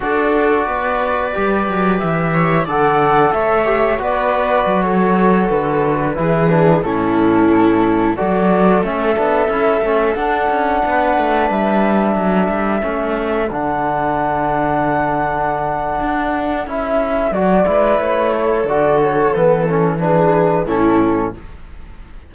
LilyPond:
<<
  \new Staff \with { instrumentName = "flute" } { \time 4/4 \tempo 4 = 90 d''2. e''4 | fis''4 e''4 d''4~ d''16 cis''8.~ | cis''16 b'2 a'4.~ a'16~ | a'16 d''4 e''2 fis''8.~ |
fis''4~ fis''16 e''2~ e''8.~ | e''16 fis''2.~ fis''8.~ | fis''4 e''4 d''4 cis''4 | d''8 cis''8 b'8 a'8 b'4 a'4 | }
  \new Staff \with { instrumentName = "viola" } { \time 4/4 a'4 b'2~ b'8 cis''8 | d''4 cis''4 b'4~ b'16 a'8.~ | a'4~ a'16 gis'4 e'4.~ e'16~ | e'16 a'2.~ a'8.~ |
a'16 b'2 a'4.~ a'16~ | a'1~ | a'2~ a'8 b'4 a'8~ | a'2 gis'4 e'4 | }
  \new Staff \with { instrumentName = "trombone" } { \time 4/4 fis'2 g'2 | a'4. g'8 fis'2~ | fis'4~ fis'16 e'8 d'8 cis'4.~ cis'16~ | cis'16 fis'4 cis'8 d'8 e'8 cis'8 d'8.~ |
d'2.~ d'16 cis'8.~ | cis'16 d'2.~ d'8.~ | d'4 e'4 fis'8 e'4. | fis'4 b8 cis'8 d'4 cis'4 | }
  \new Staff \with { instrumentName = "cello" } { \time 4/4 d'4 b4 g8 fis8 e4 | d4 a4 b4 fis4~ | fis16 d4 e4 a,4.~ a,16~ | a,16 fis4 a8 b8 cis'8 a8 d'8 cis'16~ |
cis'16 b8 a8 g4 fis8 g8 a8.~ | a16 d2.~ d8. | d'4 cis'4 fis8 gis8 a4 | d4 e2 a,4 | }
>>